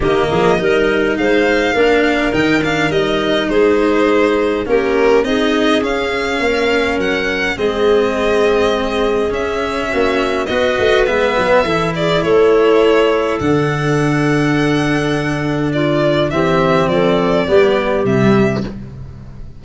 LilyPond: <<
  \new Staff \with { instrumentName = "violin" } { \time 4/4 \tempo 4 = 103 dis''2 f''2 | g''8 f''8 dis''4 c''2 | ais'4 dis''4 f''2 | fis''4 dis''2. |
e''2 dis''4 e''4~ | e''8 d''8 cis''2 fis''4~ | fis''2. d''4 | e''4 d''2 e''4 | }
  \new Staff \with { instrumentName = "clarinet" } { \time 4/4 g'8 gis'8 ais'4 c''4 ais'4~ | ais'2 gis'2 | g'4 gis'2 ais'4~ | ais'4 gis'2.~ |
gis'4 fis'4 b'2 | a'8 gis'8 a'2.~ | a'2. f'4 | g'4 a'4 g'2 | }
  \new Staff \with { instrumentName = "cello" } { \time 4/4 ais4 dis'2 d'4 | dis'8 d'8 dis'2. | cis'4 dis'4 cis'2~ | cis'4 c'2. |
cis'2 fis'4 b4 | e'2. d'4~ | d'1 | c'2 b4 g4 | }
  \new Staff \with { instrumentName = "tuba" } { \time 4/4 dis8 f8 g4 gis4 ais4 | dis4 g4 gis2 | ais4 c'4 cis'4 ais4 | fis4 gis2. |
cis'4 ais4 b8 a8 gis8 fis8 | e4 a2 d4~ | d1 | e4 f4 g4 c4 | }
>>